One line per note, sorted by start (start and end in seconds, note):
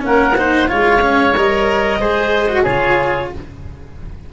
0.00 0.70 A#3
0.00 0.33 C#4
0.00 0.69 F#5
0.07 0.38 A#4
0.37 0.68 D#4
0.37 0.69 C5
0.68 1.36 G#3
0.68 1.01 F4
0.68 2.00 C#5
0.68 1.35 F5
1.01 1.34 C#4
1.36 2.00 G3
1.36 2.02 A#4
1.36 2.65 D#5
2.00 2.65 G#3
2.00 2.49 G#4
2.00 2.63 C5
2.49 2.65 F#4
2.63 3.31 C#3
2.63 3.33 F4
2.63 3.29 G#4
2.63 3.30 C#5